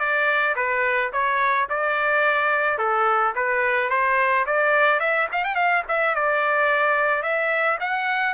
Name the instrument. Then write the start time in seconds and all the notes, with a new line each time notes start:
trumpet
0.00 D5
0.56 B4
1.13 C#5
1.70 D5
2.79 A4
3.36 B4
3.90 C5
4.46 D5
5.00 E5
5.33 F5
5.45 G5
5.56 F5
5.89 E5
6.15 D5
7.23 E5
7.81 F#5